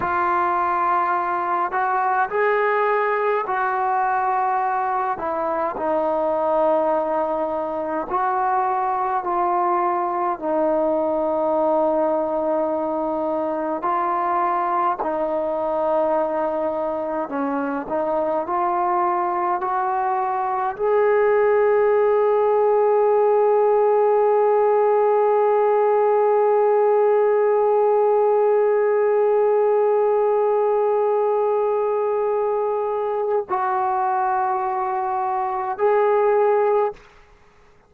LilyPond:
\new Staff \with { instrumentName = "trombone" } { \time 4/4 \tempo 4 = 52 f'4. fis'8 gis'4 fis'4~ | fis'8 e'8 dis'2 fis'4 | f'4 dis'2. | f'4 dis'2 cis'8 dis'8 |
f'4 fis'4 gis'2~ | gis'1~ | gis'1~ | gis'4 fis'2 gis'4 | }